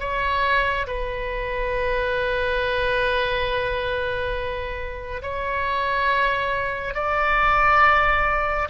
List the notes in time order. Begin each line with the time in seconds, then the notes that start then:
0.00 C#5
0.87 B4
5.23 C#5
6.94 D5